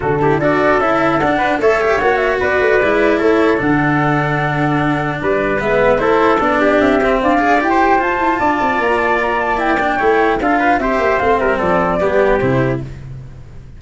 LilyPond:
<<
  \new Staff \with { instrumentName = "flute" } { \time 4/4 \tempo 4 = 150 a'4 d''4 e''4 fis''4 | e''4 fis''8 e''8 d''2 | cis''4 fis''2.~ | fis''4 d''4 e''4 c''4 |
d''4 e''4 f''4 g''4 | a''2 ais''8 a''8 ais''8 a''8 | g''2 f''4 e''4 | f''8 e''8 d''2 c''4 | }
  \new Staff \with { instrumentName = "trumpet" } { \time 4/4 fis'8 g'8 a'2~ a'8 b'8 | cis''2 b'2 | a'1~ | a'4 b'2 a'4~ |
a'8 g'4. d''4~ d''16 c''8.~ | c''4 d''2.~ | d''4 cis''4 a'8 b'8 c''4~ | c''8 ais'8 a'4 g'2 | }
  \new Staff \with { instrumentName = "cello" } { \time 4/4 d'8 e'8 fis'4 e'4 d'4 | a'8 g'8 fis'2 e'4~ | e'4 d'2.~ | d'2 b4 e'4 |
d'4. c'4 gis'8 g'4 | f'1 | e'8 d'8 e'4 f'4 g'4 | c'2 b4 e'4 | }
  \new Staff \with { instrumentName = "tuba" } { \time 4/4 d4 d'4 cis'4 d'4 | a4 ais4 b8 a8 gis4 | a4 d2.~ | d4 g4 gis4 a4 |
b4 c'4 d'4 e'4 | f'8 e'8 d'8 c'8 ais2~ | ais4 a4 d'4 c'8 ais8 | a8 g8 f4 g4 c4 | }
>>